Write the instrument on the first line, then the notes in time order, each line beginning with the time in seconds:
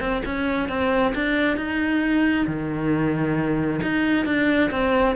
cello
0.00 C4
0.25 C#4
0.69 C4
1.15 D4
1.57 D#4
2.46 D#3
3.82 D#4
4.26 D4
4.71 C4